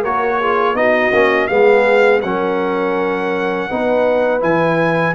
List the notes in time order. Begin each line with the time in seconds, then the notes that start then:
0.00 A#3 F#4 A#4 C#5
0.40 F4 G#4
0.74 B3 D#4 F#4 D#5
1.12 A#3 C#4
1.47 G#3 B3 G#4 F5
2.21 F#3 C#4 A#4 F#5
3.69 B3 D#4 B4
4.40 E3 E4 G#5